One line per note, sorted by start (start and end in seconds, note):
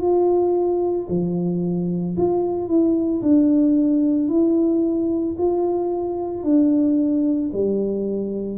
0.00 1.07 F4
1.09 2.16 F3
2.17 2.68 F4
2.68 3.21 E4
3.22 4.29 D4
4.29 5.36 E4
5.38 6.43 F4
6.43 7.50 D4
7.53 8.58 G3